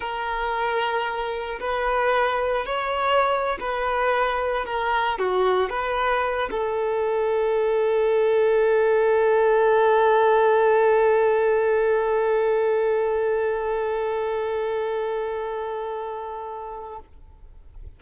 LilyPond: \new Staff \with { instrumentName = "violin" } { \time 4/4 \tempo 4 = 113 ais'2. b'4~ | b'4 cis''4.~ cis''16 b'4~ b'16~ | b'8. ais'4 fis'4 b'4~ b'16~ | b'16 a'2.~ a'8.~ |
a'1~ | a'1~ | a'1~ | a'1 | }